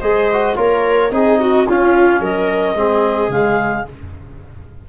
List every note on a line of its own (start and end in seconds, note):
0.00 0.56 G#3
0.00 0.30 G#4
0.00 0.55 C5
0.00 0.55 D#5
0.32 0.55 F#4
0.55 1.11 A#3
0.55 1.10 F4
0.55 1.12 A#4
0.55 1.12 C#5
1.10 1.66 C4
1.10 1.65 D#4
1.10 1.40 G#4
1.10 1.67 D#5
1.40 1.68 F#4
1.67 2.20 C#4
1.67 2.76 C#4
1.67 2.21 F4
1.67 2.22 F5
2.20 2.75 F#3
2.20 2.76 A#4
2.20 3.31 D#5
2.75 3.28 G#3
2.75 3.30 C4
2.75 3.88 G#4
3.28 3.83 C#3
3.28 3.85 G#3
3.28 3.86 F5